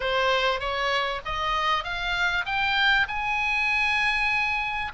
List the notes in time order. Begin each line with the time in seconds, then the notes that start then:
0.00 C5
0.60 C#5
1.25 D#5
1.84 F5
2.45 G5
3.08 G#5